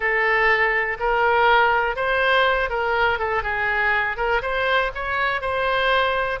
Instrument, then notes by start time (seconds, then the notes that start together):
oboe
0.00 A4
0.99 A#4
1.96 C5
2.69 A#4
3.18 A4
3.42 G#4
4.17 A#4
4.42 C5
4.94 C#5
5.41 C5